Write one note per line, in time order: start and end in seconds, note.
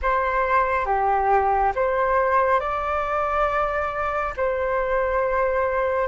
0.02 0.85 C5
0.85 1.72 G4
1.75 2.59 C5
2.59 4.33 D5
4.37 6.08 C5